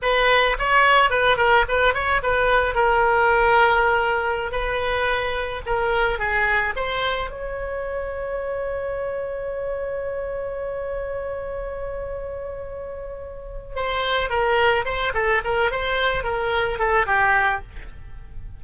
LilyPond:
\new Staff \with { instrumentName = "oboe" } { \time 4/4 \tempo 4 = 109 b'4 cis''4 b'8 ais'8 b'8 cis''8 | b'4 ais'2.~ | ais'16 b'2 ais'4 gis'8.~ | gis'16 c''4 cis''2~ cis''8.~ |
cis''1~ | cis''1~ | cis''4 c''4 ais'4 c''8 a'8 | ais'8 c''4 ais'4 a'8 g'4 | }